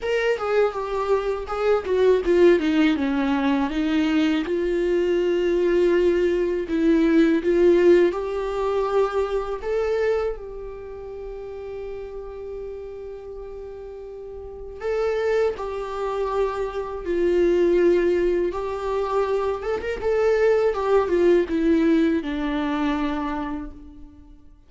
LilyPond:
\new Staff \with { instrumentName = "viola" } { \time 4/4 \tempo 4 = 81 ais'8 gis'8 g'4 gis'8 fis'8 f'8 dis'8 | cis'4 dis'4 f'2~ | f'4 e'4 f'4 g'4~ | g'4 a'4 g'2~ |
g'1 | a'4 g'2 f'4~ | f'4 g'4. a'16 ais'16 a'4 | g'8 f'8 e'4 d'2 | }